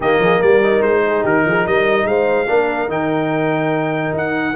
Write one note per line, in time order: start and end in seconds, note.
0.00 0.18 D#3
0.00 0.62 A#3
0.00 0.21 G4
0.00 0.42 D#5
0.19 0.39 F3
0.19 0.39 G#4
0.39 0.82 G3
0.39 1.01 A#4
0.39 0.82 D5
0.62 2.47 D#4
0.82 1.23 G#3
0.82 1.23 C5
1.06 1.23 G#4
1.23 1.44 D#3
1.23 1.43 G4
1.23 1.66 A#4
1.45 1.66 F3
1.45 1.66 G#4
1.66 2.05 G3
1.66 2.07 A#4
1.66 2.07 D#5
2.05 2.46 G#3
2.05 2.49 C5
2.05 2.89 F5
2.47 2.88 A#3
2.47 2.88 D4
2.47 4.56 A#4
2.88 4.12 D#3
2.88 4.54 D#4
2.88 4.14 G5
4.12 4.54 D#4
4.12 4.56 F#5